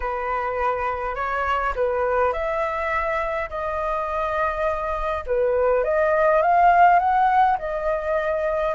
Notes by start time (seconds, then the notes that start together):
0.00 B4
1.15 C#5
1.75 B4
2.32 E5
3.49 D#5
5.26 B4
5.84 D#5
6.42 F5
6.99 F#5
7.58 D#5